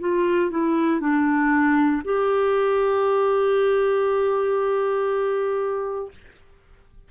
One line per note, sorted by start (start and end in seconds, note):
0.00 0.51 F4
0.51 1.00 E4
1.00 2.02 D4
2.04 6.11 G4